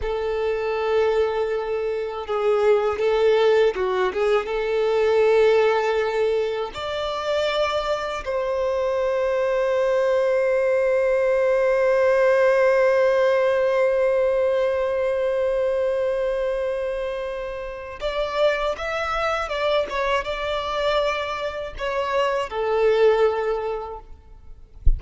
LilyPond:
\new Staff \with { instrumentName = "violin" } { \time 4/4 \tempo 4 = 80 a'2. gis'4 | a'4 fis'8 gis'8 a'2~ | a'4 d''2 c''4~ | c''1~ |
c''1~ | c''1 | d''4 e''4 d''8 cis''8 d''4~ | d''4 cis''4 a'2 | }